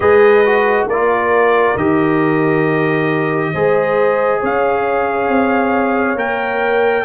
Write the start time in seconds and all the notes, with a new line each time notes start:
0.00 G#3 G#4 B4 D#5
0.45 F#4
0.85 A#3 A#4 D5
0.92 F4
1.76 D#3 G4 D#5
3.53 G#3 G#4 C5
4.40 C#4 C#5 F5
5.28 C4
6.15 A#3 A#4 G5